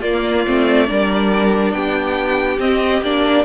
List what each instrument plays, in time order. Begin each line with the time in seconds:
0.00 viola A#3, cello A#3, violin F4 D5
0.47 cello A3, viola C4
0.86 cello G3, viola D4, violin A#4
1.72 cello B3, violin G4 G5
2.59 cello C4, viola C4, violin D#5
3.01 cello A#3, viola D4, violin D5